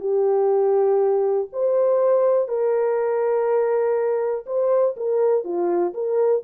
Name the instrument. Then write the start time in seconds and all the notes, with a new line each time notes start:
horn
0.00 G4
1.52 C5
2.48 A#4
4.46 C5
4.96 A#4
5.44 F4
5.94 A#4